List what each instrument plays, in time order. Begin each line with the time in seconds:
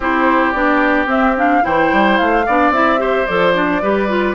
0.00 bassoon C4, clarinet E4, oboe G4, flute C5
0.51 bassoon B3, clarinet D4, flute D5
1.06 bassoon C4, clarinet C4, flute E5
1.37 clarinet D4, flute F5
1.61 bassoon E3, clarinet E4, oboe C5, flute G5
1.92 bassoon G3
2.17 bassoon A3, flute F5
2.45 bassoon B3, clarinet D4, oboe D5
2.70 bassoon C4, clarinet E4, flute E5
2.97 clarinet G4, oboe C5
3.26 bassoon F3, clarinet A4, flute D5
3.54 clarinet D4
3.82 bassoon G3, clarinet G4, oboe B4
4.08 clarinet F4